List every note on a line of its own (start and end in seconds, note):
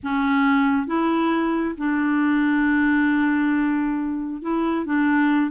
0.03 0.87 C#4
0.87 1.75 E4
1.77 4.42 D4
4.42 4.85 E4
4.85 5.50 D4